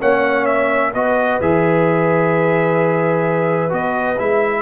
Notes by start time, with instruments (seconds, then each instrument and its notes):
0.00 tuba A#3, trombone C#4, horn C#5, trumpet F#5
0.45 trumpet E5
0.93 tuba B3, trombone F#4, horn B4, trumpet D#5
1.40 tuba E3, trombone G#4, trumpet E5
3.69 tuba B3, trombone F#4, trumpet D#5
4.18 tuba G#3, trombone E4, trumpet E5